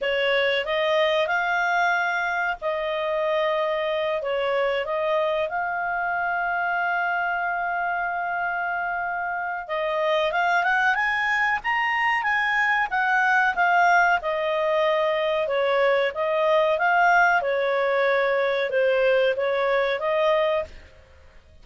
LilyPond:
\new Staff \with { instrumentName = "clarinet" } { \time 4/4 \tempo 4 = 93 cis''4 dis''4 f''2 | dis''2~ dis''8 cis''4 dis''8~ | dis''8 f''2.~ f''8~ | f''2. dis''4 |
f''8 fis''8 gis''4 ais''4 gis''4 | fis''4 f''4 dis''2 | cis''4 dis''4 f''4 cis''4~ | cis''4 c''4 cis''4 dis''4 | }